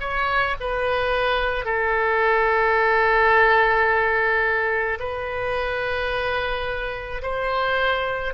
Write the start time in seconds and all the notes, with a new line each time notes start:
0.00 C#5
0.60 B4
1.65 A4
4.99 B4
7.22 C5